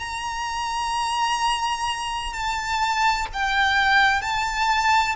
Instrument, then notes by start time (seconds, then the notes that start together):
violin
0.00 A#5
2.33 A5
3.34 G5
4.22 A5